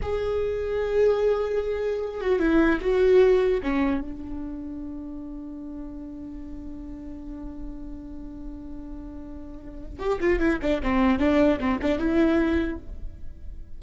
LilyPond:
\new Staff \with { instrumentName = "viola" } { \time 4/4 \tempo 4 = 150 gis'1~ | gis'4. fis'8 e'4 fis'4~ | fis'4 cis'4 d'2~ | d'1~ |
d'1~ | d'1~ | d'4 g'8 f'8 e'8 d'8 c'4 | d'4 c'8 d'8 e'2 | }